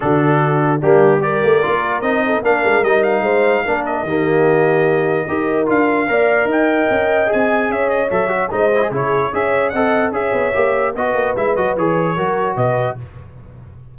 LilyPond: <<
  \new Staff \with { instrumentName = "trumpet" } { \time 4/4 \tempo 4 = 148 a'2 g'4 d''4~ | d''4 dis''4 f''4 dis''8 f''8~ | f''4. dis''2~ dis''8~ | dis''2 f''2 |
g''2 gis''4 e''8 dis''8 | e''4 dis''4 cis''4 e''4 | fis''4 e''2 dis''4 | e''8 dis''8 cis''2 dis''4 | }
  \new Staff \with { instrumentName = "horn" } { \time 4/4 fis'2 d'4 ais'4~ | ais'4. a'8 ais'2 | c''4 ais'4 g'2~ | g'4 ais'2 d''4 |
dis''2. cis''4~ | cis''4 c''4 gis'4 cis''4 | dis''4 cis''2 b'4~ | b'2 ais'4 b'4 | }
  \new Staff \with { instrumentName = "trombone" } { \time 4/4 d'2 ais4 g'4 | f'4 dis'4 d'4 dis'4~ | dis'4 d'4 ais2~ | ais4 g'4 f'4 ais'4~ |
ais'2 gis'2 | a'8 fis'8 dis'8 e'16 gis'16 e'4 gis'4 | a'4 gis'4 g'4 fis'4 | e'8 fis'8 gis'4 fis'2 | }
  \new Staff \with { instrumentName = "tuba" } { \time 4/4 d2 g4. a8 | ais4 c'4 ais8 gis8 g4 | gis4 ais4 dis2~ | dis4 dis'4 d'4 ais4 |
dis'4 cis'4 c'4 cis'4 | fis4 gis4 cis4 cis'4 | c'4 cis'8 b8 ais4 b8 ais8 | gis8 fis8 e4 fis4 b,4 | }
>>